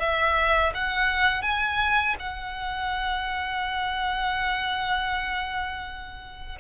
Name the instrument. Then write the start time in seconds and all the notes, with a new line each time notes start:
violin
0.00 E5
0.74 F#5
1.42 G#5
2.20 F#5